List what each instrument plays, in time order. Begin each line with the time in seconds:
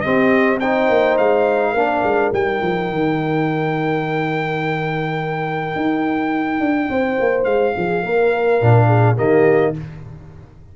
0.00 trombone C4, horn G4, trumpet D#5
0.06 tuba C4
0.59 trombone D#4, horn C5, trumpet G5
0.88 tuba A#3
1.17 tuba G#3, trumpet F5
1.70 tuba A#3, trombone D4, horn A#4
2.03 tuba G#3
2.32 tuba G3, trombone D#4, trumpet G5
2.61 tuba F3
2.90 tuba D#3
5.75 tuba D#4
6.60 tuba D4
6.89 tuba C4, horn C5
7.20 tuba A#3
7.44 tuba G#3, trumpet F5
7.76 tuba F3, horn G#4
8.02 tuba A#3, horn A#4
8.61 tuba A#2, trombone D4
8.86 horn G#4
9.15 tuba D#3, trombone A#3, horn G4, trumpet D#5